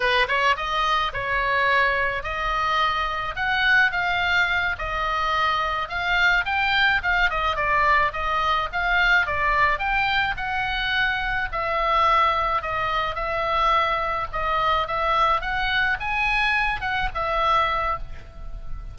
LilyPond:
\new Staff \with { instrumentName = "oboe" } { \time 4/4 \tempo 4 = 107 b'8 cis''8 dis''4 cis''2 | dis''2 fis''4 f''4~ | f''8 dis''2 f''4 g''8~ | g''8 f''8 dis''8 d''4 dis''4 f''8~ |
f''8 d''4 g''4 fis''4.~ | fis''8 e''2 dis''4 e''8~ | e''4. dis''4 e''4 fis''8~ | fis''8 gis''4. fis''8 e''4. | }